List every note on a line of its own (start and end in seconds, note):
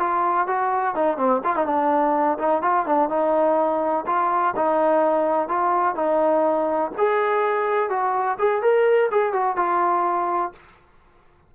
0.00 0.48 F4
0.48 0.95 F#4
0.95 1.18 D#4
1.18 1.42 C4
1.44 1.56 F4
1.56 1.66 D#4
1.66 2.38 D4
2.39 2.62 D#4
2.62 2.86 F4
2.86 3.09 D4
3.09 4.05 D#4
4.07 4.55 F4
4.56 5.49 D#4
5.49 5.95 F4
5.95 6.91 D#4
6.98 7.90 G#4
7.90 8.38 F#4
8.39 8.62 G#4
8.62 9.10 A#4
9.12 9.33 G#4
9.33 9.57 F#4
9.57 10.53 F4